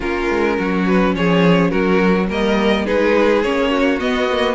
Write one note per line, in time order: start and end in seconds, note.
0.00 0.30 A#3
0.00 2.28 C#4
0.00 0.56 F4
0.00 0.86 A#4
0.30 0.58 G#3
0.57 1.15 F#3
0.57 1.14 F#4
0.86 1.15 B4
1.15 1.72 F3
1.15 1.70 G#4
1.15 1.70 C#5
1.70 2.30 F#3
1.70 2.27 F#4
1.70 2.27 A#4
2.28 2.87 G3
2.28 2.85 A#3
2.28 2.85 A#4
2.28 2.86 D#5
2.85 3.44 G#3
2.85 3.43 D#4
2.85 3.70 G#4
2.85 3.42 B4
3.42 4.01 A#3
3.42 4.00 C#4
3.42 3.99 C#5
3.70 4.55 F#4
4.00 4.28 B3
4.00 4.55 B3
4.00 4.55 D#5
4.31 4.55 A#3